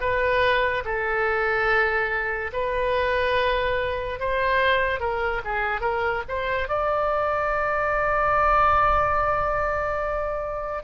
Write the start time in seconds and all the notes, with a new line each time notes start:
0.00 B4
0.84 A4
2.52 B4
4.19 C5
5.00 A#4
5.44 G#4
5.81 A#4
6.28 C5
6.68 D5